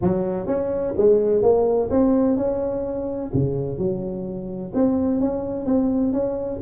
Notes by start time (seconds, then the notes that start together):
0.01 F#3
0.46 C#4
0.97 G#3
1.42 A#3
1.90 C4
2.36 C#4
3.33 C#3
3.78 F#3
4.74 C4
5.20 C#4
5.65 C4
6.12 C#4